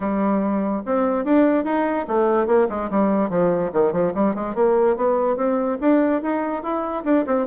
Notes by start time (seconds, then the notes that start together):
0.00 G3
0.85 C4
1.24 D4
1.64 D#4
2.07 A3
2.47 A#3
2.69 G#3
2.90 G3
3.29 F3
3.72 D#3
3.92 F3
4.14 G3
4.34 G#3
4.54 A#3
4.96 B3
5.36 C4
5.80 D4
6.22 D#4
6.62 E4
7.04 D4
7.26 C4